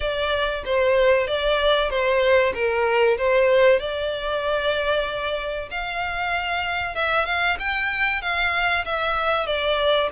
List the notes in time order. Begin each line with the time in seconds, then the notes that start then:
0.00 D5
0.65 C5
1.27 D5
1.89 C5
2.54 A#4
3.17 C5
3.79 D5
5.70 F5
6.95 E5
7.25 F5
7.59 G5
8.21 F5
8.85 E5
9.46 D5